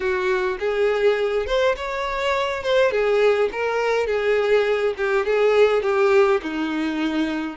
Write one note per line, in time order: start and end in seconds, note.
0.00 0.58 F#4
0.59 1.46 G#4
1.46 1.75 C5
1.76 2.63 C#5
2.63 2.91 C5
2.91 3.49 G#4
3.51 4.06 A#4
4.06 4.94 G#4
4.97 5.25 G4
5.25 5.82 G#4
5.82 6.41 G4
6.42 7.56 D#4